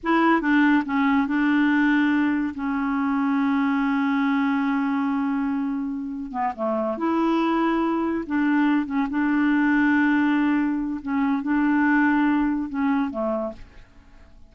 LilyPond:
\new Staff \with { instrumentName = "clarinet" } { \time 4/4 \tempo 4 = 142 e'4 d'4 cis'4 d'4~ | d'2 cis'2~ | cis'1~ | cis'2. b8 a8~ |
a8 e'2. d'8~ | d'4 cis'8 d'2~ d'8~ | d'2 cis'4 d'4~ | d'2 cis'4 a4 | }